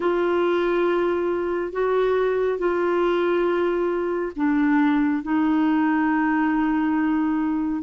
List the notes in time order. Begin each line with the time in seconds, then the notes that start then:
0.00 F4
1.72 F#4
2.58 F4
4.36 D4
5.22 D#4